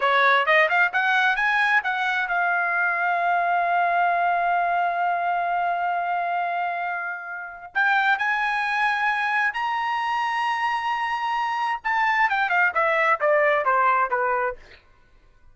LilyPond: \new Staff \with { instrumentName = "trumpet" } { \time 4/4 \tempo 4 = 132 cis''4 dis''8 f''8 fis''4 gis''4 | fis''4 f''2.~ | f''1~ | f''1~ |
f''4 g''4 gis''2~ | gis''4 ais''2.~ | ais''2 a''4 g''8 f''8 | e''4 d''4 c''4 b'4 | }